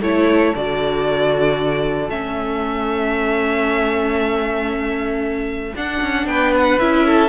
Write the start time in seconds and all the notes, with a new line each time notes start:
0.00 A3 E4 A4 C#5
0.55 D3 F#4 D5
2.09 A3 C#4 E5
5.76 D4 F#5
6.02 C#4
6.27 B3 B4 G5
6.58 F#5
6.80 C#4 E4 E5
7.07 A4